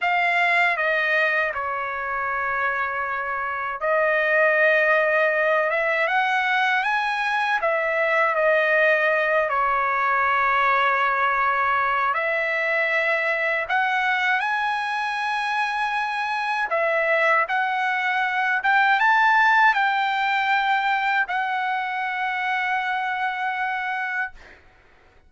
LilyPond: \new Staff \with { instrumentName = "trumpet" } { \time 4/4 \tempo 4 = 79 f''4 dis''4 cis''2~ | cis''4 dis''2~ dis''8 e''8 | fis''4 gis''4 e''4 dis''4~ | dis''8 cis''2.~ cis''8 |
e''2 fis''4 gis''4~ | gis''2 e''4 fis''4~ | fis''8 g''8 a''4 g''2 | fis''1 | }